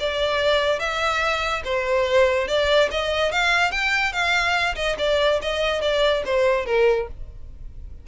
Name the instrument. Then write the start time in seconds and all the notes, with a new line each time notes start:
violin
0.00 D5
0.80 E5
1.65 C5
2.48 D5
2.91 D#5
3.32 F5
3.71 G5
4.13 F5
4.76 D#5
4.98 D5
5.42 D#5
5.81 D5
6.26 C5
6.66 A#4